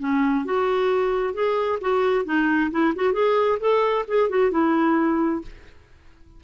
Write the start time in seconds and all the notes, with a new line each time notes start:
0.00 C#4
0.45 F#4
1.34 G#4
1.81 F#4
2.25 D#4
2.71 E4
2.96 F#4
3.13 G#4
3.60 A4
4.08 G#4
4.30 F#4
4.51 E4